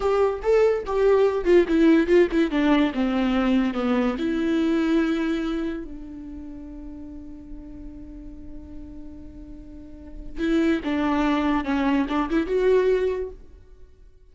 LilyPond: \new Staff \with { instrumentName = "viola" } { \time 4/4 \tempo 4 = 144 g'4 a'4 g'4. f'8 | e'4 f'8 e'8 d'4 c'4~ | c'4 b4 e'2~ | e'2 d'2~ |
d'1~ | d'1~ | d'4 e'4 d'2 | cis'4 d'8 e'8 fis'2 | }